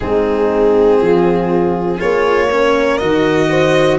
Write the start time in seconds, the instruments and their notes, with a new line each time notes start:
0.00 tuba G#3, cello C4, horn D#4, violin G#4
1.00 tuba F3, horn F4
1.96 tuba A#3, cello F4, horn G#4, violin C#5
2.51 cello C#4, horn A#4
2.97 tuba D#3, cello F#4, violin D#5
3.49 horn C5